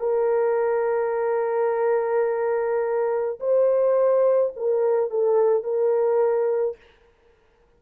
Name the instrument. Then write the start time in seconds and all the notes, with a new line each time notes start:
horn
0.00 A#4
3.40 C5
4.56 A#4
5.10 A4
5.64 A#4